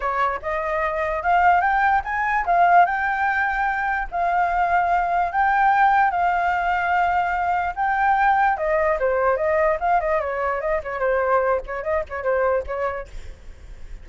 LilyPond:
\new Staff \with { instrumentName = "flute" } { \time 4/4 \tempo 4 = 147 cis''4 dis''2 f''4 | g''4 gis''4 f''4 g''4~ | g''2 f''2~ | f''4 g''2 f''4~ |
f''2. g''4~ | g''4 dis''4 c''4 dis''4 | f''8 dis''8 cis''4 dis''8 cis''8 c''4~ | c''8 cis''8 dis''8 cis''8 c''4 cis''4 | }